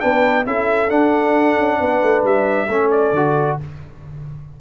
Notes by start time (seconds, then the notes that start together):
0.00 B3 D4 B4 G5
0.46 C#4 E4 A4 E5
0.89 D4 F#5
1.58 C#4
1.79 B3 B4
2.02 A3
2.24 G3 E5
2.68 A3 C#4 A4
2.91 D5
3.12 D3 F#4